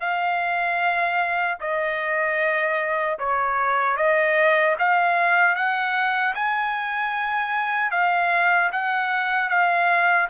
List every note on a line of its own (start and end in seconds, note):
0.00 1.58 F5
1.60 3.18 D#5
3.18 3.97 C#5
3.97 4.75 D#5
4.78 5.55 F5
5.55 6.34 F#5
6.34 7.91 G#5
7.91 8.70 F5
8.72 9.49 F#5
9.49 10.28 F5